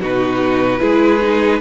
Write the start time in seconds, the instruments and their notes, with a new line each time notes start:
0.00 cello B2, viola D#4, violin F#4 B4
0.79 cello G#3, viola E4, violin G#4
1.21 viola D#4